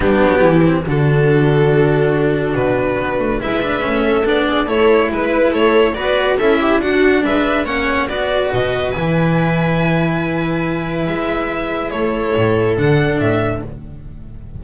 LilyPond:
<<
  \new Staff \with { instrumentName = "violin" } { \time 4/4 \tempo 4 = 141 g'2 a'2~ | a'2 b'2 | e''2 d''4 cis''4 | b'4 cis''4 d''4 e''4 |
fis''4 e''4 fis''4 d''4 | dis''4 gis''2.~ | gis''2 e''2 | cis''2 fis''4 e''4 | }
  \new Staff \with { instrumentName = "viola" } { \time 4/4 d'4 e'4 fis'2~ | fis'1 | b'4. a'4 gis'8 a'4 | b'4 a'4 b'4 a'8 g'8 |
fis'4 b'4 cis''4 b'4~ | b'1~ | b'1 | a'1 | }
  \new Staff \with { instrumentName = "cello" } { \time 4/4 b4. c'8 d'2~ | d'1 | e'8 d'8 cis'4 d'4 e'4~ | e'2 fis'4 e'4 |
d'2 cis'4 fis'4~ | fis'4 e'2.~ | e'1~ | e'2 d'2 | }
  \new Staff \with { instrumentName = "double bass" } { \time 4/4 g8 fis8 e4 d2~ | d2 b,4 b8 a8 | gis4 a4 b4 a4 | gis4 a4 b4 cis'4 |
d'4 gis4 ais4 b4 | b,4 e2.~ | e2 gis2 | a4 a,4 d4 a,4 | }
>>